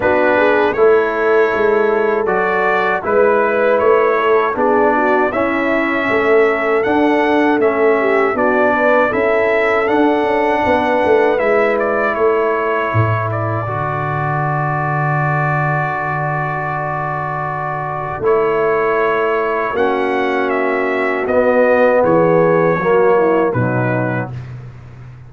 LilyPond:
<<
  \new Staff \with { instrumentName = "trumpet" } { \time 4/4 \tempo 4 = 79 b'4 cis''2 d''4 | b'4 cis''4 d''4 e''4~ | e''4 fis''4 e''4 d''4 | e''4 fis''2 e''8 d''8 |
cis''4. d''2~ d''8~ | d''1 | cis''2 fis''4 e''4 | dis''4 cis''2 b'4 | }
  \new Staff \with { instrumentName = "horn" } { \time 4/4 fis'8 gis'8 a'2. | b'4. a'8 gis'8 fis'8 e'4 | a'2~ a'8 g'8 fis'8 b'8 | a'2 b'2 |
a'1~ | a'1~ | a'2 fis'2~ | fis'4 gis'4 fis'8 e'8 dis'4 | }
  \new Staff \with { instrumentName = "trombone" } { \time 4/4 d'4 e'2 fis'4 | e'2 d'4 cis'4~ | cis'4 d'4 cis'4 d'4 | e'4 d'2 e'4~ |
e'2 fis'2~ | fis'1 | e'2 cis'2 | b2 ais4 fis4 | }
  \new Staff \with { instrumentName = "tuba" } { \time 4/4 b4 a4 gis4 fis4 | gis4 a4 b4 cis'4 | a4 d'4 a4 b4 | cis'4 d'8 cis'8 b8 a8 gis4 |
a4 a,4 d2~ | d1 | a2 ais2 | b4 e4 fis4 b,4 | }
>>